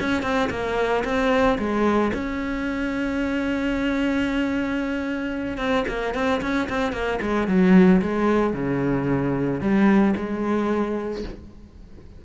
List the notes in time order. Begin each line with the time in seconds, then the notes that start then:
0.00 C#4
0.22 C4
0.50 A#3
1.04 C4
1.58 G#3
2.13 C#4
5.58 C4
5.88 A#3
6.14 C4
6.41 C#4
6.69 C4
6.92 A#3
7.22 G#3
7.48 F#3
8.01 G#3
8.53 C#3
9.61 G3
10.16 G#3